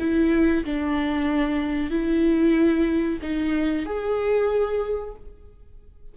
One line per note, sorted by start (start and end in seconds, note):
0.00 0.65 E4
0.65 1.91 D4
1.91 3.20 E4
3.22 3.86 D#4
3.86 5.15 G#4